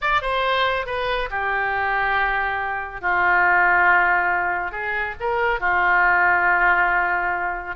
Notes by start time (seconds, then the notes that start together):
0.01 D5
0.21 C5
0.86 B4
1.30 G4
3.01 F4
4.71 G#4
5.19 A#4
5.60 F4